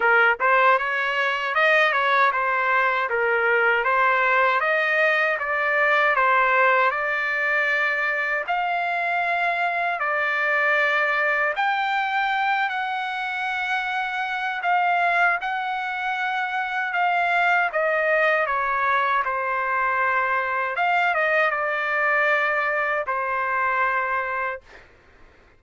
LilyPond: \new Staff \with { instrumentName = "trumpet" } { \time 4/4 \tempo 4 = 78 ais'8 c''8 cis''4 dis''8 cis''8 c''4 | ais'4 c''4 dis''4 d''4 | c''4 d''2 f''4~ | f''4 d''2 g''4~ |
g''8 fis''2~ fis''8 f''4 | fis''2 f''4 dis''4 | cis''4 c''2 f''8 dis''8 | d''2 c''2 | }